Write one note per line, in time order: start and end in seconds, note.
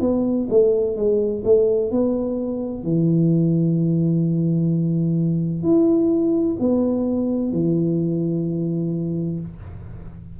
0.00 0.47 B3
0.49 0.96 A3
0.96 1.43 G#3
1.44 1.91 A3
1.91 2.83 B3
2.83 5.63 E3
5.63 6.57 E4
6.59 7.52 B3
7.52 9.40 E3